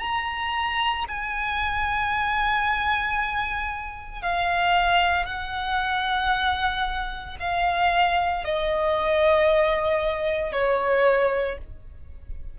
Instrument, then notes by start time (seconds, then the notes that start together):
violin
0.00 A#5
1.09 G#5
4.22 F5
5.26 F#5
7.40 F5
8.45 D#5
10.53 C#5